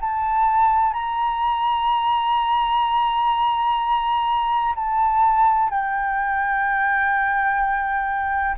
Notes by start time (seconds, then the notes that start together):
0.00 A5
0.93 A#5
4.75 A5
5.70 G5